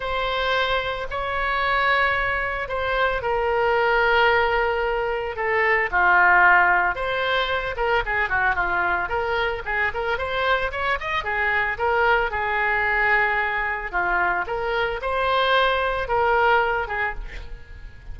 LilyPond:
\new Staff \with { instrumentName = "oboe" } { \time 4/4 \tempo 4 = 112 c''2 cis''2~ | cis''4 c''4 ais'2~ | ais'2 a'4 f'4~ | f'4 c''4. ais'8 gis'8 fis'8 |
f'4 ais'4 gis'8 ais'8 c''4 | cis''8 dis''8 gis'4 ais'4 gis'4~ | gis'2 f'4 ais'4 | c''2 ais'4. gis'8 | }